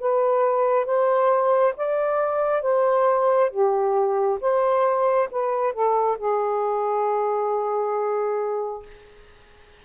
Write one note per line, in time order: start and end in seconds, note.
0.00 0.86 B4
0.86 1.74 C5
1.77 2.62 D5
2.62 3.50 C5
3.51 4.39 G4
4.41 5.29 C5
5.31 5.73 B4
5.73 6.17 A4
6.18 8.83 G#4